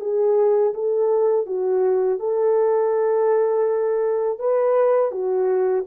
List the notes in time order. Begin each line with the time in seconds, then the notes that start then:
0.00 G#4
0.74 A4
1.46 F#4
2.19 A4
4.39 B4
5.11 F#4